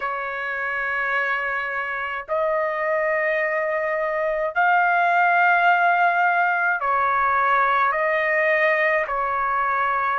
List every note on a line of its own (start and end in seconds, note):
0.00 2.25 C#5
2.28 4.54 D#5
4.54 6.80 F5
6.80 7.91 C#5
7.91 9.05 D#5
9.07 10.19 C#5